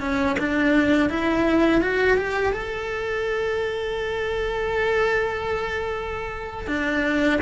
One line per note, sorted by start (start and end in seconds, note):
0.00 0.36 C#4
0.39 1.09 D4
1.09 1.81 E4
1.81 2.17 F#4
2.17 2.52 G4
2.52 6.67 A4
6.67 7.39 D4